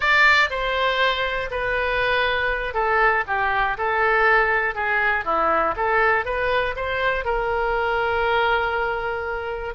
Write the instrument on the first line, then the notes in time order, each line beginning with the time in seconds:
oboe
0.00 D5
0.50 C5
1.50 B4
2.73 A4
3.27 G4
3.77 A4
4.75 G#4
5.25 E4
5.76 A4
6.25 B4
6.75 C5
7.25 A#4